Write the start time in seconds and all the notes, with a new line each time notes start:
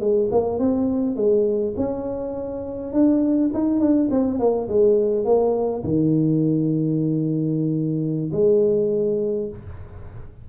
0.00 G#3
0.31 A#3
0.59 C4
1.16 G#3
1.77 C#4
2.93 D4
3.54 D#4
3.80 D4
4.11 C4
4.39 A#3
4.68 G#3
5.25 A#3
5.84 D#3
8.32 G#3